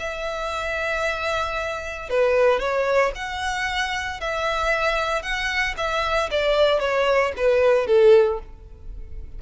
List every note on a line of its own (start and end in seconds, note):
0.00 2.10 E5
2.10 2.60 B4
2.60 3.12 C#5
3.16 4.21 F#5
4.21 5.22 E5
5.22 5.75 F#5
5.77 6.30 E5
6.31 6.80 D5
6.80 7.33 C#5
7.37 7.87 B4
7.87 8.39 A4